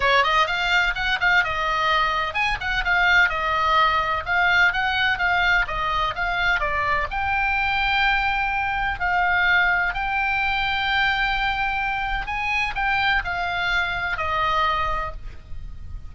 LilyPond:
\new Staff \with { instrumentName = "oboe" } { \time 4/4 \tempo 4 = 127 cis''8 dis''8 f''4 fis''8 f''8 dis''4~ | dis''4 gis''8 fis''8 f''4 dis''4~ | dis''4 f''4 fis''4 f''4 | dis''4 f''4 d''4 g''4~ |
g''2. f''4~ | f''4 g''2.~ | g''2 gis''4 g''4 | f''2 dis''2 | }